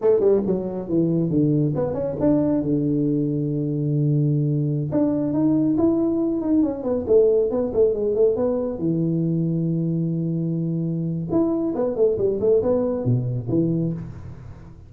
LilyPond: \new Staff \with { instrumentName = "tuba" } { \time 4/4 \tempo 4 = 138 a8 g8 fis4 e4 d4 | b8 cis'8 d'4 d2~ | d2.~ d16 d'8.~ | d'16 dis'4 e'4. dis'8 cis'8 b16~ |
b16 a4 b8 a8 gis8 a8 b8.~ | b16 e2.~ e8.~ | e2 e'4 b8 a8 | g8 a8 b4 b,4 e4 | }